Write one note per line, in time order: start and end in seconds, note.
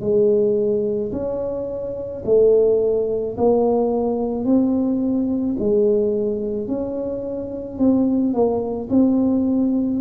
0.00 1.11 G#3
1.12 2.23 C#4
2.25 3.36 A3
3.37 4.44 A#3
4.44 5.56 C4
5.59 6.67 G#3
6.67 7.78 C#4
7.78 8.33 C4
8.33 8.89 A#3
8.89 10.01 C4